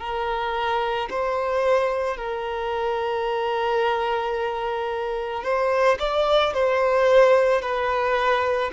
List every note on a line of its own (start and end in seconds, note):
0.00 1.09 A#4
1.11 2.18 C5
2.18 5.44 A#4
5.44 5.99 C5
6.00 6.54 D5
6.54 7.62 C5
7.62 8.71 B4